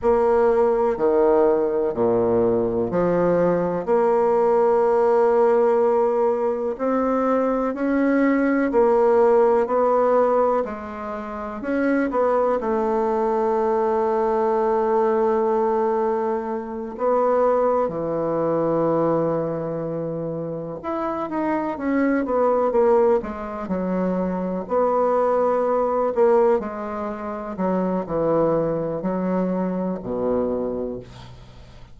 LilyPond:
\new Staff \with { instrumentName = "bassoon" } { \time 4/4 \tempo 4 = 62 ais4 dis4 ais,4 f4 | ais2. c'4 | cis'4 ais4 b4 gis4 | cis'8 b8 a2.~ |
a4. b4 e4.~ | e4. e'8 dis'8 cis'8 b8 ais8 | gis8 fis4 b4. ais8 gis8~ | gis8 fis8 e4 fis4 b,4 | }